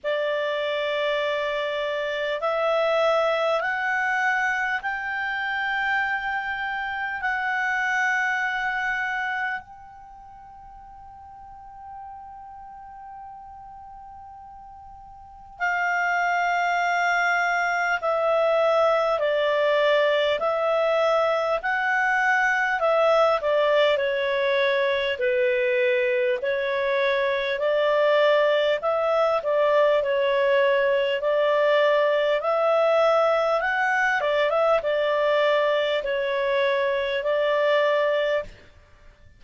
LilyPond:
\new Staff \with { instrumentName = "clarinet" } { \time 4/4 \tempo 4 = 50 d''2 e''4 fis''4 | g''2 fis''2 | g''1~ | g''4 f''2 e''4 |
d''4 e''4 fis''4 e''8 d''8 | cis''4 b'4 cis''4 d''4 | e''8 d''8 cis''4 d''4 e''4 | fis''8 d''16 e''16 d''4 cis''4 d''4 | }